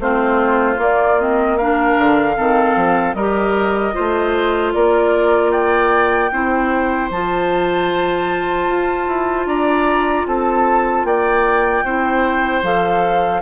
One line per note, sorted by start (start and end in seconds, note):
0.00 0.78 A3
0.00 0.77 C4
0.00 1.58 F4
0.00 0.80 C5
0.77 1.16 A#3
0.77 1.96 A#3
0.77 1.20 D5
1.20 1.59 C4
1.20 1.58 D#5
1.58 2.37 D4
1.58 2.37 A#4
1.58 3.14 F5
1.98 2.37 D3
2.37 2.76 D#3
2.37 3.16 C4
2.37 3.16 A4
2.76 3.14 F3
3.14 3.93 G3
3.14 3.93 G4
3.14 3.95 A#4
3.14 4.72 D#5
3.93 4.75 A3
3.93 6.30 F4
3.93 4.74 C5
4.73 6.31 A#3
4.73 5.52 A#4
4.73 5.52 D5
5.52 6.31 D5
5.52 7.10 G5
6.31 7.10 C4
6.31 7.11 E4
6.31 9.48 C5
7.11 8.67 F3
7.11 11.86 F4
7.11 9.47 A5
8.67 9.07 F4
9.07 9.46 E4
9.46 10.25 D4
9.46 10.27 D5
9.46 10.26 A#5
10.26 11.04 C4
10.26 11.07 A4
10.26 11.05 A5
11.04 11.83 A#3
11.04 11.85 D5
11.04 12.63 G5
11.84 12.63 C4
11.84 12.64 E4
11.84 13.42 C5
12.63 13.42 F3
12.63 13.42 A4
12.63 13.42 F5